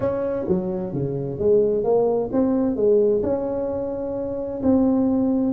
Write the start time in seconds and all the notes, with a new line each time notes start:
0.00 C#4
0.47 F#3
0.93 C#3
1.38 G#3
1.83 A#3
2.32 C4
2.76 G#3
3.23 C#4
4.62 C4